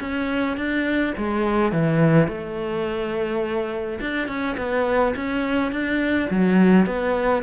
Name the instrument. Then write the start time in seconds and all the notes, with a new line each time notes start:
cello
0.00 C#4
0.57 D4
1.17 G#3
1.72 E3
2.28 A3
4.01 D4
4.28 C#4
4.57 B3
5.16 C#4
5.72 D4
6.30 F#3
6.86 B3